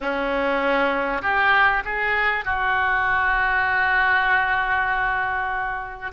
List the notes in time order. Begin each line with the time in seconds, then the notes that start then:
0.00 C#4
1.22 G4
1.85 G#4
2.44 F#4